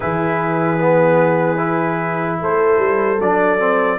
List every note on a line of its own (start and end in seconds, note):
0.00 2.40 E3
0.00 0.79 E4
0.00 2.40 G#4
0.00 2.39 B4
0.79 1.57 B3
1.57 3.17 E4
2.40 2.78 A3
2.40 3.98 A4
2.40 3.21 C5
2.78 3.18 G3
3.19 3.98 F#3
3.19 3.59 D4
3.19 3.98 D5
3.59 3.98 C4